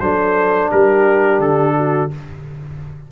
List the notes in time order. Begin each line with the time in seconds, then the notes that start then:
0.00 F#3 D4 A4 C5
0.71 G3 G4 A#4
1.40 D3 A4
1.77 F#4